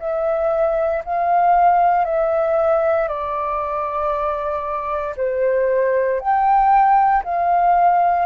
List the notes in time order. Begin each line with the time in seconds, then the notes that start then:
0.00 E5
1.05 F5
2.05 E5
3.08 D5
5.17 C5
6.20 G5
7.25 F5